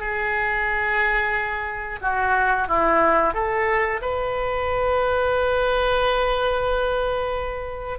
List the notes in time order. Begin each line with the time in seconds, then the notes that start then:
0.00 G#4
2.02 F#4
2.68 E4
3.34 A4
4.02 B4